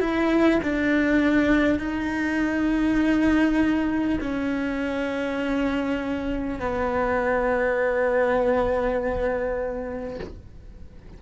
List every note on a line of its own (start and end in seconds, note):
0.00 0.60 E4
0.62 1.79 D4
1.79 4.19 D#4
4.20 6.59 C#4
6.59 10.19 B3